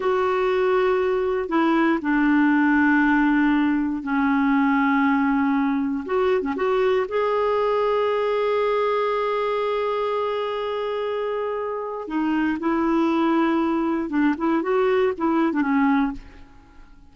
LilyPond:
\new Staff \with { instrumentName = "clarinet" } { \time 4/4 \tempo 4 = 119 fis'2. e'4 | d'1 | cis'1 | fis'8. cis'16 fis'4 gis'2~ |
gis'1~ | gis'1 | dis'4 e'2. | d'8 e'8 fis'4 e'8. d'16 cis'4 | }